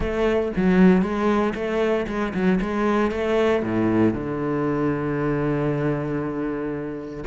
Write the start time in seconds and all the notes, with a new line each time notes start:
0.00 A3
0.56 F#3
1.01 G#3
1.54 A3
2.07 G#3
2.33 F#3
2.61 G#3
3.11 A3
3.62 A2
4.13 D3